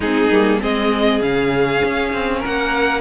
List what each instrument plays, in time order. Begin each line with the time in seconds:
0.00 cello G#3, viola C4, violin D#4 G#4
0.30 cello G3, viola A#3
0.59 cello G#3, viola C4, violin G#4 D#5
1.21 cello C#3, viola C#4, violin F5
1.84 cello C#4
2.13 cello C4
2.39 cello A#3, violin A#4 F#5